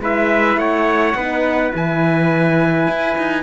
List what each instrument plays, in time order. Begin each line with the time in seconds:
0.00 cello G#3, horn E4, trumpet B4 E5
0.57 cello A3, trumpet C#5 F#5
1.15 cello B3, horn D#4, trumpet B4
1.71 cello E3, horn E4, trumpet G#5
2.88 cello E4
3.18 cello D#4